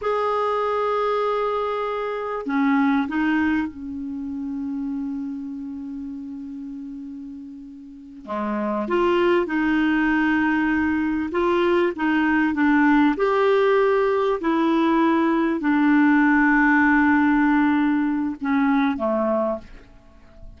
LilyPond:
\new Staff \with { instrumentName = "clarinet" } { \time 4/4 \tempo 4 = 98 gis'1 | cis'4 dis'4 cis'2~ | cis'1~ | cis'4. gis4 f'4 dis'8~ |
dis'2~ dis'8 f'4 dis'8~ | dis'8 d'4 g'2 e'8~ | e'4. d'2~ d'8~ | d'2 cis'4 a4 | }